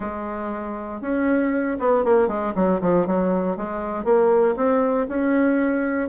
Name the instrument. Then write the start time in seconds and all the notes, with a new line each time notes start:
bassoon
0.00 G#3
1.01 C#4
1.79 B3
2.04 A#3
2.27 G#3
2.55 F#3
2.81 F3
3.06 F#3
3.57 G#3
4.04 A#3
4.56 C4
5.08 C#4